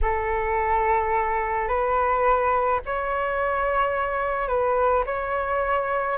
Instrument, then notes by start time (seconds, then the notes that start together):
flute
0.01 A4
1.68 B4
2.85 C#5
4.47 B4
5.05 C#5